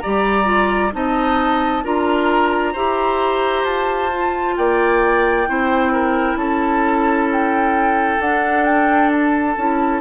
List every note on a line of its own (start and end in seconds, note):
0.00 0.94 G3
0.00 0.45 G4
0.00 0.93 D5
0.00 0.91 A#5
0.45 0.90 F4
0.93 1.84 C4
0.93 1.84 D#4
0.93 1.84 D#5
0.93 1.84 A5
1.84 2.75 D4
1.84 2.75 F4
1.84 2.73 A#4
1.84 3.65 A#5
2.73 3.65 E4
2.73 4.11 G4
2.73 4.55 C5
3.65 4.56 F4
3.65 4.56 A5
4.11 5.47 F4
4.57 5.48 A#3
4.57 5.49 D5
4.57 6.37 G5
5.47 6.36 C4
5.47 8.20 E4
5.47 5.93 C5
5.93 6.38 A#4
6.36 8.18 C#4
6.36 10.01 A4
6.36 7.28 A5
7.32 8.22 G5
8.20 9.56 D4
8.20 8.65 F#5
8.65 9.11 G5
9.12 10.01 A5
9.57 10.01 C#4
9.57 10.01 E4